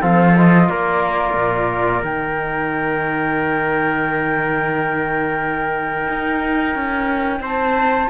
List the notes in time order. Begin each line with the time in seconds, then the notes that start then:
0.00 F3 C4 A4 F5
0.37 F4 D#5
0.69 A#3 A#4 D5
1.33 A#2
2.03 D#3 D#4 G5
6.08 D#4
6.75 C#4
7.40 C4 C5 A5